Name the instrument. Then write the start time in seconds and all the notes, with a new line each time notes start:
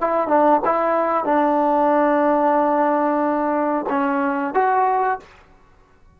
trombone
0.00 E4
0.28 D4
0.65 E4
1.25 D4
3.90 C#4
4.54 F#4